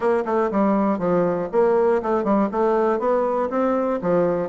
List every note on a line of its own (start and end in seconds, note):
0.00 0.24 A#3
0.25 0.50 A3
0.51 0.98 G3
0.98 1.48 F3
1.52 2.02 A#3
2.02 2.23 A3
2.23 2.48 G3
2.51 2.99 A3
2.99 3.49 B3
3.50 4.00 C4
4.01 4.49 F3